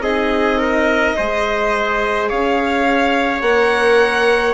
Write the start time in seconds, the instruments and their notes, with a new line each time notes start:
0.00 bassoon C4, viola D#4, trumpet G#4, violin D#5
0.58 trumpet A#4
1.17 bassoon G#3, viola G#4, trumpet C5
2.29 bassoon C#4, trumpet C#5, violin F5
3.41 bassoon A#3, viola A#4, violin F#5